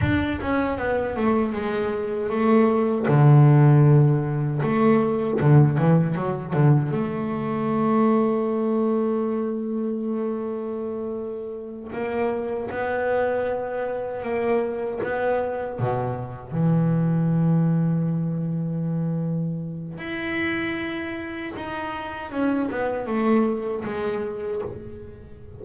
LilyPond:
\new Staff \with { instrumentName = "double bass" } { \time 4/4 \tempo 4 = 78 d'8 cis'8 b8 a8 gis4 a4 | d2 a4 d8 e8 | fis8 d8 a2.~ | a2.~ a8 ais8~ |
ais8 b2 ais4 b8~ | b8 b,4 e2~ e8~ | e2 e'2 | dis'4 cis'8 b8 a4 gis4 | }